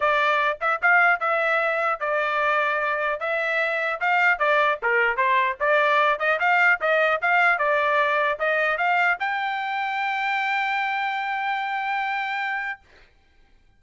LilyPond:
\new Staff \with { instrumentName = "trumpet" } { \time 4/4 \tempo 4 = 150 d''4. e''8 f''4 e''4~ | e''4 d''2. | e''2 f''4 d''4 | ais'4 c''4 d''4. dis''8 |
f''4 dis''4 f''4 d''4~ | d''4 dis''4 f''4 g''4~ | g''1~ | g''1 | }